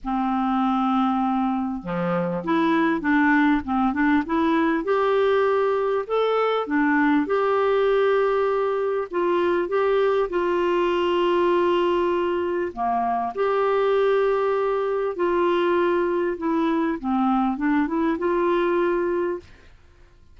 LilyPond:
\new Staff \with { instrumentName = "clarinet" } { \time 4/4 \tempo 4 = 99 c'2. f4 | e'4 d'4 c'8 d'8 e'4 | g'2 a'4 d'4 | g'2. f'4 |
g'4 f'2.~ | f'4 ais4 g'2~ | g'4 f'2 e'4 | c'4 d'8 e'8 f'2 | }